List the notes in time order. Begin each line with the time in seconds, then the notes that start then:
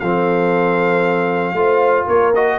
0.00 F3 C4 A4 F5
1.53 A3 F4 C5
2.05 A#3 A#4 C#5
2.35 F#4 D#5